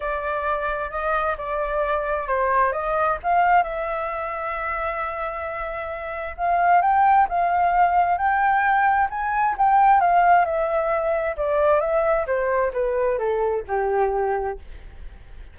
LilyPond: \new Staff \with { instrumentName = "flute" } { \time 4/4 \tempo 4 = 132 d''2 dis''4 d''4~ | d''4 c''4 dis''4 f''4 | e''1~ | e''2 f''4 g''4 |
f''2 g''2 | gis''4 g''4 f''4 e''4~ | e''4 d''4 e''4 c''4 | b'4 a'4 g'2 | }